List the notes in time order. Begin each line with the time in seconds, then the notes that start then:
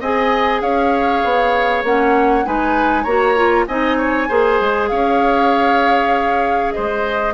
0.00 C4 G#4 D#5 G#5
0.61 C#4 C#5 F5
1.24 B3
1.83 A#3 C#4 F#5
2.45 G#3 D#4 B4 G#5
3.03 A#3 F#4 C#5 A#5
3.36 F4
3.67 C4 D#4 D#5 G#5
3.97 C#5
4.28 A#3 G#4 C5
4.60 G#3
4.88 C#4 C#5 F5
6.72 G#3 C5 D#5